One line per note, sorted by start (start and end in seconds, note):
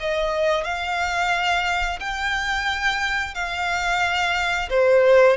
0.00 0.64 D#5
0.64 1.99 F5
2.00 3.35 G5
3.35 4.69 F5
4.70 5.37 C5